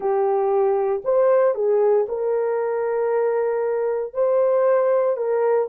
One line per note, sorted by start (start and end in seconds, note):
0.00 1.02 G4
1.04 1.54 C5
1.54 2.06 G#4
2.08 4.13 A#4
4.13 5.16 C5
5.16 5.68 A#4